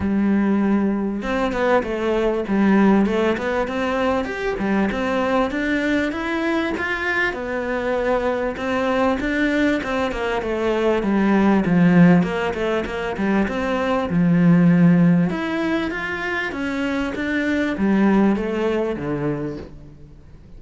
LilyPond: \new Staff \with { instrumentName = "cello" } { \time 4/4 \tempo 4 = 98 g2 c'8 b8 a4 | g4 a8 b8 c'4 g'8 g8 | c'4 d'4 e'4 f'4 | b2 c'4 d'4 |
c'8 ais8 a4 g4 f4 | ais8 a8 ais8 g8 c'4 f4~ | f4 e'4 f'4 cis'4 | d'4 g4 a4 d4 | }